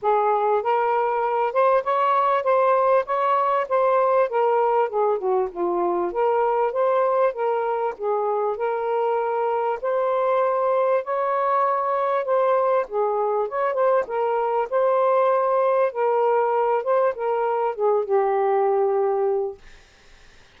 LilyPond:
\new Staff \with { instrumentName = "saxophone" } { \time 4/4 \tempo 4 = 98 gis'4 ais'4. c''8 cis''4 | c''4 cis''4 c''4 ais'4 | gis'8 fis'8 f'4 ais'4 c''4 | ais'4 gis'4 ais'2 |
c''2 cis''2 | c''4 gis'4 cis''8 c''8 ais'4 | c''2 ais'4. c''8 | ais'4 gis'8 g'2~ g'8 | }